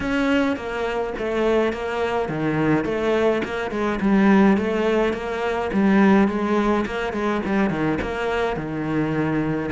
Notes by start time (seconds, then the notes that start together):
0.00 C#4
0.56 A#3
1.18 A3
1.72 A#3
2.28 D#3
2.84 A3
3.44 A#3
3.70 G#3
4.00 G3
4.57 A3
5.13 A#3
5.72 G3
6.28 G#3
6.86 A#3
7.12 G#3
7.45 G3
7.69 D#3
8.01 A#3
8.56 D#3